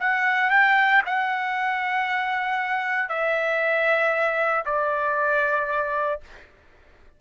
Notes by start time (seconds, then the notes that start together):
0.00 F#5
0.51 G5
1.06 F#5
3.09 E5
4.66 D5